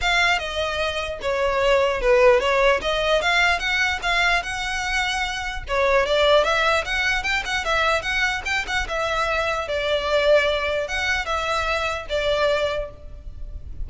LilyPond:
\new Staff \with { instrumentName = "violin" } { \time 4/4 \tempo 4 = 149 f''4 dis''2 cis''4~ | cis''4 b'4 cis''4 dis''4 | f''4 fis''4 f''4 fis''4~ | fis''2 cis''4 d''4 |
e''4 fis''4 g''8 fis''8 e''4 | fis''4 g''8 fis''8 e''2 | d''2. fis''4 | e''2 d''2 | }